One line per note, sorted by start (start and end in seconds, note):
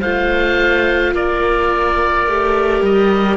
0.00 1.14 A3
0.00 2.27 F4
0.00 1.13 C5
0.00 1.14 F5
1.13 2.26 A#3
1.13 3.36 A#4
1.13 2.84 D5
2.26 2.81 A3
2.26 3.36 G4
2.81 3.36 G3
2.81 3.36 D#5